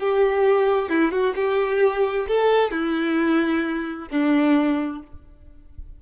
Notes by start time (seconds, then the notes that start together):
0.00 G4
0.90 E4
1.11 F#4
1.35 G4
2.28 A4
2.71 E4
4.11 D4